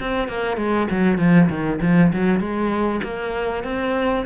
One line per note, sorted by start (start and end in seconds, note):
0.00 0.28 C4
0.28 0.57 A#3
0.57 0.88 G#3
0.91 1.19 F#3
1.19 1.49 F3
1.49 1.80 D#3
1.82 2.12 F3
2.13 2.40 F#3
2.40 3.01 G#3
3.04 3.64 A#3
3.64 4.26 C4